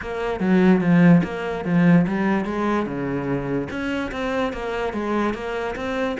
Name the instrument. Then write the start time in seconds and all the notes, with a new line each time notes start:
cello
0.01 A#3
0.40 F#3
0.80 F3
1.23 A#3
1.64 F3
2.07 G3
2.45 G#3
2.86 C#3
3.70 C#4
4.11 C4
4.52 A#3
4.93 G#3
5.34 A#3
5.75 C4